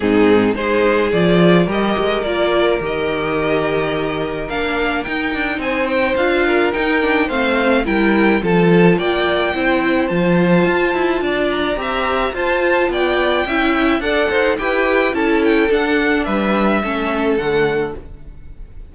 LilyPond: <<
  \new Staff \with { instrumentName = "violin" } { \time 4/4 \tempo 4 = 107 gis'4 c''4 d''4 dis''4 | d''4 dis''2. | f''4 g''4 gis''8 g''8 f''4 | g''4 f''4 g''4 a''4 |
g''2 a''2~ | a''8 ais''4. a''4 g''4~ | g''4 fis''4 g''4 a''8 g''8 | fis''4 e''2 fis''4 | }
  \new Staff \with { instrumentName = "violin" } { \time 4/4 dis'4 gis'2 ais'4~ | ais'1~ | ais'2 c''4. ais'8~ | ais'4 c''4 ais'4 a'4 |
d''4 c''2. | d''4 e''4 c''4 d''4 | e''4 d''8 c''8 b'4 a'4~ | a'4 b'4 a'2 | }
  \new Staff \with { instrumentName = "viola" } { \time 4/4 c'4 dis'4 f'4 g'4 | f'4 g'2. | d'4 dis'2 f'4 | dis'8 d'8 c'4 e'4 f'4~ |
f'4 e'4 f'2~ | f'4 g'4 f'2 | e'4 a'4 g'4 e'4 | d'2 cis'4 a4 | }
  \new Staff \with { instrumentName = "cello" } { \time 4/4 gis,4 gis4 f4 g8 gis8 | ais4 dis2. | ais4 dis'8 d'8 c'4 d'4 | dis'4 a4 g4 f4 |
ais4 c'4 f4 f'8 e'8 | d'4 c'4 f'4 b4 | cis'4 d'8 dis'8 e'4 cis'4 | d'4 g4 a4 d4 | }
>>